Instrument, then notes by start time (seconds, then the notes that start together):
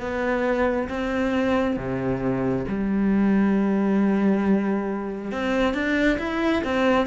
cello
0.00 B3
0.89 C4
1.77 C3
2.68 G3
5.31 C4
5.74 D4
6.18 E4
6.64 C4